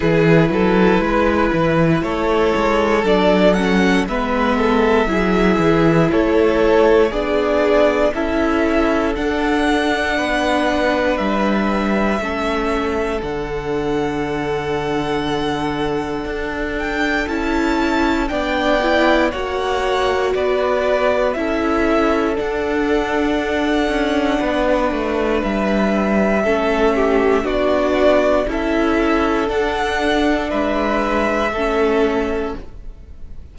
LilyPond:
<<
  \new Staff \with { instrumentName = "violin" } { \time 4/4 \tempo 4 = 59 b'2 cis''4 d''8 fis''8 | e''2 cis''4 d''4 | e''4 fis''2 e''4~ | e''4 fis''2.~ |
fis''8 g''8 a''4 g''4 fis''4 | d''4 e''4 fis''2~ | fis''4 e''2 d''4 | e''4 fis''4 e''2 | }
  \new Staff \with { instrumentName = "violin" } { \time 4/4 gis'8 a'8 b'4 a'2 | b'8 a'8 gis'4 a'4 gis'4 | a'2 b'2 | a'1~ |
a'2 d''4 cis''4 | b'4 a'2. | b'2 a'8 g'8 fis'4 | a'2 b'4 a'4 | }
  \new Staff \with { instrumentName = "viola" } { \time 4/4 e'2. d'8 cis'8 | b4 e'2 d'4 | e'4 d'2. | cis'4 d'2.~ |
d'4 e'4 d'8 e'8 fis'4~ | fis'4 e'4 d'2~ | d'2 cis'4 d'4 | e'4 d'2 cis'4 | }
  \new Staff \with { instrumentName = "cello" } { \time 4/4 e8 fis8 gis8 e8 a8 gis8 fis4 | gis4 fis8 e8 a4 b4 | cis'4 d'4 b4 g4 | a4 d2. |
d'4 cis'4 b4 ais4 | b4 cis'4 d'4. cis'8 | b8 a8 g4 a4 b4 | cis'4 d'4 gis4 a4 | }
>>